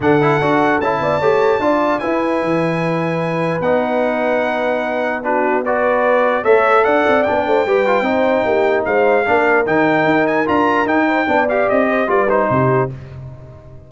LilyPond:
<<
  \new Staff \with { instrumentName = "trumpet" } { \time 4/4 \tempo 4 = 149 fis''2 a''2~ | a''4 gis''2.~ | gis''4 fis''2.~ | fis''4 b'4 d''2 |
e''4 fis''4 g''2~ | g''2 f''2 | g''4. gis''8 ais''4 g''4~ | g''8 f''8 dis''4 d''8 c''4. | }
  \new Staff \with { instrumentName = "horn" } { \time 4/4 a'2~ a'8 d''8 cis''4 | d''4 b'2.~ | b'1~ | b'4 fis'4 b'2 |
cis''4 d''4. c''8 b'4 | c''4 g'4 c''4 ais'4~ | ais'2.~ ais'8 c''8 | d''4. c''8 b'4 g'4 | }
  \new Staff \with { instrumentName = "trombone" } { \time 4/4 d'8 e'8 fis'4 e'4 g'4 | f'4 e'2.~ | e'4 dis'2.~ | dis'4 d'4 fis'2 |
a'2 d'4 g'8 f'8 | dis'2. d'4 | dis'2 f'4 dis'4 | d'8 g'4. f'8 dis'4. | }
  \new Staff \with { instrumentName = "tuba" } { \time 4/4 d4 d'4 cis'8 b8 a4 | d'4 e'4 e2~ | e4 b2.~ | b1 |
a4 d'8 c'8 b8 a8 g4 | c'4 ais4 gis4 ais4 | dis4 dis'4 d'4 dis'4 | b4 c'4 g4 c4 | }
>>